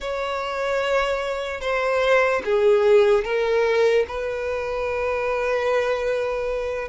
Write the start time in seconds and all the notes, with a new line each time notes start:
0.00 C#5
1.60 C5
2.44 G#4
3.24 A#4
4.08 B4